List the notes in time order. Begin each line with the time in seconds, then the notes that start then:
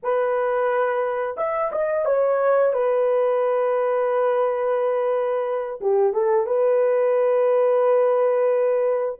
0.02 B4
1.37 E5
1.72 D#5
2.05 C#5
2.73 B4
5.80 G4
6.13 A4
6.46 B4